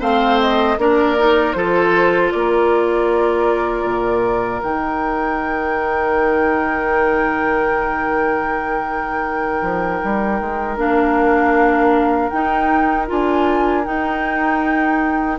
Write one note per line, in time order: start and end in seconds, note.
0.00 0.78 A3
0.00 0.77 C4
0.00 0.77 C5
0.00 0.40 F5
0.41 0.79 D#5
0.78 1.55 A#3
0.78 1.17 D4
0.78 1.57 A#4
0.78 1.53 D5
1.18 1.55 D#4
1.53 2.32 F3
1.53 4.62 F4
1.53 2.34 A4
1.53 2.30 C5
2.31 3.84 A#3
2.31 15.39 A#4
2.31 4.62 D5
3.84 4.61 A#2
4.62 9.62 D#3
4.62 10.77 D#4
4.62 10.78 G5
9.62 10.00 F3
10.04 10.41 G3
10.41 10.77 G#3
10.77 12.31 A#3
10.77 12.31 D4
10.77 12.29 F5
12.29 13.07 D#4
12.29 13.10 D#4
12.29 13.06 G5
13.07 13.87 D4
13.07 13.84 F4
13.07 13.85 G#5
13.85 15.38 D#4
13.85 15.39 D#4
13.85 15.39 G5